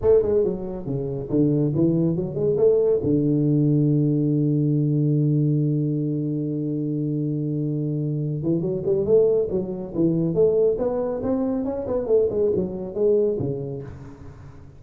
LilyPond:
\new Staff \with { instrumentName = "tuba" } { \time 4/4 \tempo 4 = 139 a8 gis8 fis4 cis4 d4 | e4 fis8 gis8 a4 d4~ | d1~ | d1~ |
d2.~ d8 e8 | fis8 g8 a4 fis4 e4 | a4 b4 c'4 cis'8 b8 | a8 gis8 fis4 gis4 cis4 | }